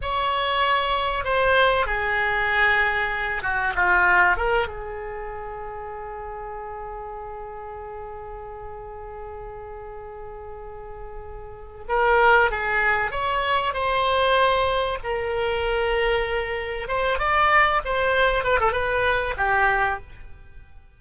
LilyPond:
\new Staff \with { instrumentName = "oboe" } { \time 4/4 \tempo 4 = 96 cis''2 c''4 gis'4~ | gis'4. fis'8 f'4 ais'8 gis'8~ | gis'1~ | gis'1~ |
gis'2. ais'4 | gis'4 cis''4 c''2 | ais'2. c''8 d''8~ | d''8 c''4 b'16 a'16 b'4 g'4 | }